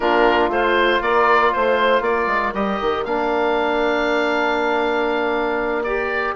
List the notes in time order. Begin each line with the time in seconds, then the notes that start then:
0.00 A#3 D4 F4 A#4
0.48 A3 F4 C5
1.01 A#3 A#4 D5
1.52 A3 C5
2.00 A#3 A#4 D5
2.27 G#3
2.53 G3 G4 D#5
2.81 D#3
3.04 A#3 D4 F5
5.83 G4 D5